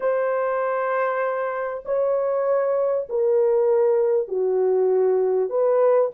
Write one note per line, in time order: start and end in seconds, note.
0.00 1.83 C5
1.85 3.08 C#5
3.09 4.27 A#4
4.27 5.49 F#4
5.49 6.11 B4